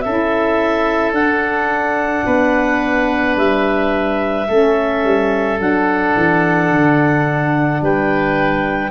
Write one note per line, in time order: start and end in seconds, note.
0.00 1.12 C#4
0.00 1.13 E4
0.00 2.25 A4
0.00 1.11 E5
1.12 2.23 D4
1.12 4.46 D4
1.12 3.36 F#5
2.25 3.36 B3
2.25 4.47 B4
3.36 4.47 G3
3.36 5.59 E5
4.48 5.04 A3
4.48 5.58 C#4
4.48 7.81 A4
5.04 5.59 G3
5.58 6.14 F#3
5.58 8.91 D4
5.58 7.82 F#5
6.16 6.71 E3
6.71 7.81 D3
7.81 8.91 G3
7.81 8.91 B4
7.81 8.91 G5